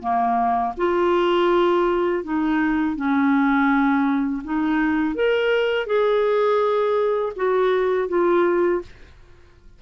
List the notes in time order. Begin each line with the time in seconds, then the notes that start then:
0.00 A#3
0.77 F4
2.24 D#4
2.96 C#4
4.44 D#4
5.15 A#4
5.86 G#4
7.36 F#4
8.09 F4